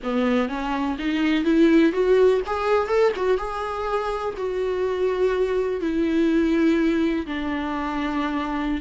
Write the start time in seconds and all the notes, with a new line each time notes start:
0.03 B3
0.48 C#4
0.98 D#4
1.44 E4
1.92 F#4
2.46 G#4
2.88 A4
3.16 F#4
3.37 G#4
4.37 F#4
5.80 E4
7.26 D4